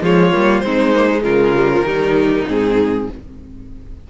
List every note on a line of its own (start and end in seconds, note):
0.00 0.32 F3
0.00 0.31 G#3
0.00 0.64 F4
0.00 0.59 C#5
0.32 0.62 G3
0.32 0.62 A#3
0.59 1.23 G#3
0.59 0.94 C4
0.59 1.23 D#4
0.59 1.21 C5
0.94 1.09 A#3
1.10 1.55 G#3
1.23 1.82 C#3
1.23 1.84 F4
1.23 2.46 A#4
1.55 1.70 G3
1.70 1.85 F3
1.82 2.43 D#3
1.82 2.46 G3
1.82 3.08 D#4
2.47 3.09 G#2
2.47 3.08 C4
2.47 3.10 G#4